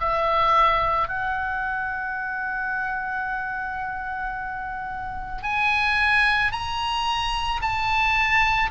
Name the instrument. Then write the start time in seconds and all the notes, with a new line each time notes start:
oboe
0.00 E5
1.08 F#5
5.43 G#5
6.52 A#5
7.62 A5